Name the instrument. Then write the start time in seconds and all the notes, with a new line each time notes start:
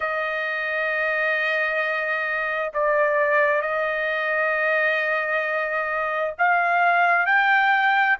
trumpet
0.00 D#5
2.73 D5
3.61 D#5
6.38 F5
7.26 G5